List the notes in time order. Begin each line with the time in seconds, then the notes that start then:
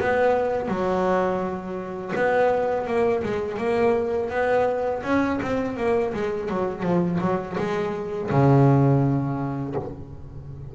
0.00 B3
0.68 F#3
2.16 B3
2.87 A#3
3.23 G#3
3.58 A#3
4.30 B3
5.03 C#4
5.42 C4
5.77 A#3
6.13 G#3
6.49 F#3
6.83 F3
7.20 F#3
7.57 G#3
8.31 C#3